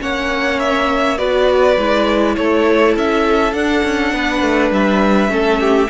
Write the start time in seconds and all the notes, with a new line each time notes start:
0.00 A#3 C#4 C#5 F#5
0.60 E5
1.18 B3 F#4 B4 D5
1.78 G#3 E4
2.36 A3 A4 C#5
2.96 C#4 E5
3.54 D4 F#5
3.84 C#4
4.14 B3 B4
4.42 A3
4.71 G3 E5
5.29 A3 C#4 A4
5.61 G4